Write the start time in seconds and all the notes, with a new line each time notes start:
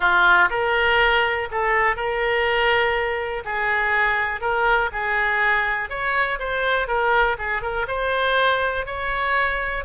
0.00 F4
0.50 A#4
1.51 A4
1.96 A#4
3.44 G#4
4.40 A#4
4.92 G#4
5.89 C#5
6.39 C5
6.87 A#4
7.38 G#4
7.61 A#4
7.87 C5
8.86 C#5